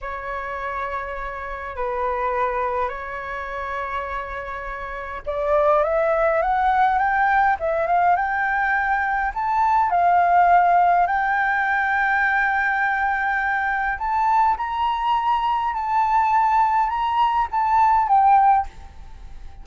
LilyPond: \new Staff \with { instrumentName = "flute" } { \time 4/4 \tempo 4 = 103 cis''2. b'4~ | b'4 cis''2.~ | cis''4 d''4 e''4 fis''4 | g''4 e''8 f''8 g''2 |
a''4 f''2 g''4~ | g''1 | a''4 ais''2 a''4~ | a''4 ais''4 a''4 g''4 | }